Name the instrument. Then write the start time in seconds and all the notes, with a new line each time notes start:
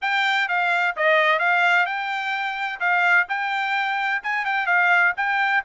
trumpet
0.01 G5
0.48 F5
0.96 D#5
1.39 F5
1.86 G5
2.80 F5
3.28 G5
4.23 G#5
4.45 G5
4.66 F5
5.16 G5